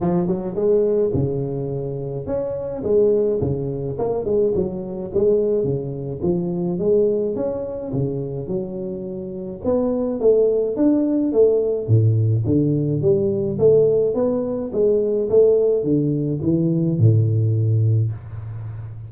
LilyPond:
\new Staff \with { instrumentName = "tuba" } { \time 4/4 \tempo 4 = 106 f8 fis8 gis4 cis2 | cis'4 gis4 cis4 ais8 gis8 | fis4 gis4 cis4 f4 | gis4 cis'4 cis4 fis4~ |
fis4 b4 a4 d'4 | a4 a,4 d4 g4 | a4 b4 gis4 a4 | d4 e4 a,2 | }